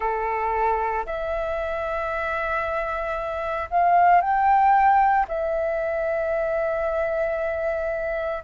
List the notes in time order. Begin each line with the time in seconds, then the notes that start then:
0.00 A4
1.05 E5
3.70 F5
4.21 G5
5.27 E5